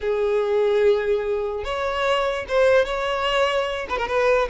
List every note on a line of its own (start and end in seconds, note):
0.00 1.63 G#4
1.64 2.45 C#5
2.48 2.85 C5
2.85 3.87 C#5
3.89 3.97 B4
3.97 4.07 A#4
4.07 4.48 B4